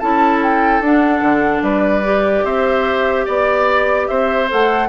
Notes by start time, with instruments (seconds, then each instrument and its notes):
0.00 bassoon C#4, clarinet E4, oboe A4, flute A5
0.43 flute G5
0.81 bassoon D4, clarinet D4, flute F#5
1.21 bassoon D3
1.62 bassoon G3, oboe B4, flute D5
2.03 clarinet G4
2.44 bassoon C4, oboe C5, flute E5
3.26 bassoon B3, oboe D5, flute D5
4.08 bassoon C4, oboe C5, flute E5
4.49 bassoon A3, clarinet A4, flute F#5